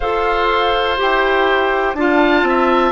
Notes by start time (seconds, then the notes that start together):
0.00 F4 A4 C5 F5
0.97 E4 G4 G5
1.94 D4 F4 F5 A5
2.42 C4 E5